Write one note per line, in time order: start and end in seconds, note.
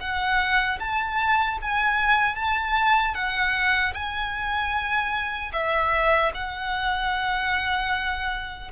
0.00 0.79 F#5
0.79 1.58 A5
1.61 2.35 G#5
2.35 3.14 A5
3.14 3.93 F#5
3.94 5.52 G#5
5.53 6.32 E5
6.34 8.71 F#5